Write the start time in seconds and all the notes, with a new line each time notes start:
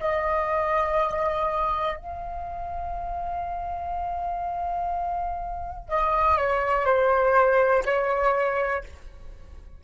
0.00 D#5
1.97 F5
5.89 D#5
6.37 C#5
6.85 C5
7.86 C#5